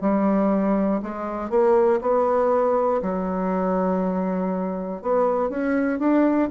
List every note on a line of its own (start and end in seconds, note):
0.00 1.00 G3
1.02 1.50 G#3
1.50 2.00 A#3
2.01 3.01 B3
3.01 5.01 F#3
5.01 5.49 B3
5.49 5.99 C#4
5.99 6.49 D4